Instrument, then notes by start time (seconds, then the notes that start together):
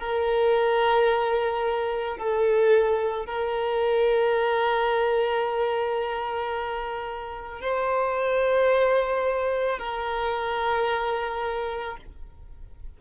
violin
0.00 A#4
2.18 A4
3.26 A#4
7.61 C5
9.79 A#4